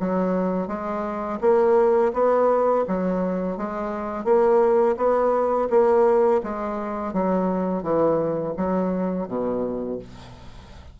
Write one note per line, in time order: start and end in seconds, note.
0.00 0.68 F#3
0.68 1.39 G#3
1.41 2.13 A#3
2.14 2.85 B3
2.88 3.57 F#3
3.57 4.25 G#3
4.25 4.96 A#3
4.97 5.69 B3
5.70 6.42 A#3
6.44 7.14 G#3
7.14 7.83 F#3
7.83 8.54 E3
8.57 9.28 F#3
9.28 9.99 B2